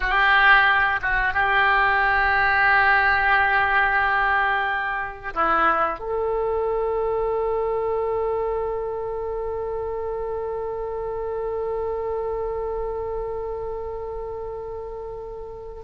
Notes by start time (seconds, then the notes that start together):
0.00 G4
1.02 F#4
1.33 G4
5.33 E4
5.99 A4